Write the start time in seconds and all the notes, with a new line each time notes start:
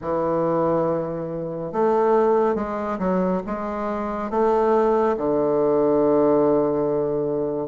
0.01 E3
1.72 A3
2.55 G#3
2.98 F#3
3.46 G#3
4.30 A3
5.17 D3